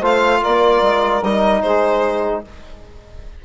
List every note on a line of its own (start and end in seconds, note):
0.00 0.41 A3
0.00 1.22 F4
0.00 0.40 C5
0.00 0.44 F5
0.42 0.82 A#3
0.42 1.62 A#4
0.42 1.24 D5
0.82 1.22 G#3
1.23 1.63 G3
1.23 2.45 D#4
1.23 1.62 D#5
1.62 2.45 G#3
1.62 2.44 G#4
1.62 2.42 C5